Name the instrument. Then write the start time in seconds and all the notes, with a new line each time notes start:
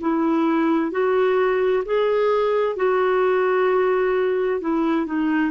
clarinet
0.00 E4
0.91 F#4
1.85 G#4
2.76 F#4
4.60 E4
5.06 D#4